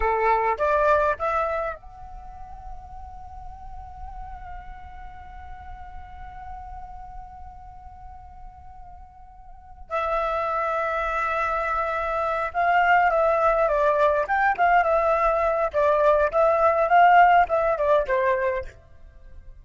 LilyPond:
\new Staff \with { instrumentName = "flute" } { \time 4/4 \tempo 4 = 103 a'4 d''4 e''4 fis''4~ | fis''1~ | fis''1~ | fis''1~ |
fis''4 e''2.~ | e''4. f''4 e''4 d''8~ | d''8 g''8 f''8 e''4. d''4 | e''4 f''4 e''8 d''8 c''4 | }